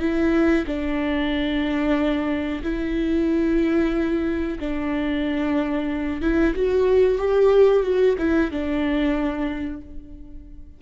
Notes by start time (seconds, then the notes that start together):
0.00 E4
0.67 D4
2.63 E4
4.59 D4
6.22 E4
6.55 F#4
7.18 G4
7.83 F#4
8.18 E4
8.51 D4